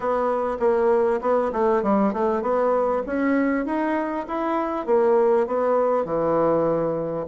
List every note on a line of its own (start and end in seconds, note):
0.00 0.57 B3
0.59 1.20 A#3
1.21 1.51 B3
1.52 1.82 A3
1.82 2.13 G3
2.13 2.41 A3
2.41 3.02 B3
3.06 3.65 C#4
3.65 4.26 D#4
4.27 4.86 E4
4.86 5.46 A#3
5.47 6.04 B3
6.04 7.26 E3